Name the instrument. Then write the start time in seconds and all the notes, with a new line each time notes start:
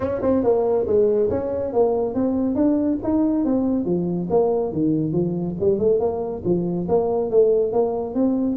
tuba
0.00 C#4
0.22 C4
0.43 A#3
0.86 G#3
1.30 C#4
1.73 A#3
2.14 C4
2.55 D4
3.03 D#4
3.44 C4
3.85 F3
4.30 A#3
4.72 D#3
5.12 F3
5.59 G3
5.79 A3
5.99 A#3
6.44 F3
6.88 A#3
7.30 A3
7.72 A#3
8.14 C4